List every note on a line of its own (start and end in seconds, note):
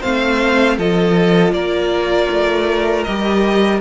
0.00 0.78 A3
0.00 0.78 C4
0.00 0.76 C5
0.00 0.78 F5
0.78 1.52 F3
0.78 3.07 F4
0.78 1.53 A4
0.78 1.53 D#5
1.52 2.28 A#3
1.52 3.81 A#4
1.52 3.03 D5
2.30 3.06 A3
3.03 3.81 G3
3.03 3.81 G4
3.03 3.79 D#5